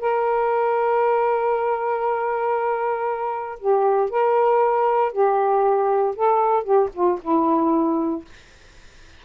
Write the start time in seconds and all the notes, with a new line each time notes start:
0.00 A#4
3.59 G4
4.10 A#4
5.12 G4
6.15 A4
6.64 G4
6.93 F4
7.22 E4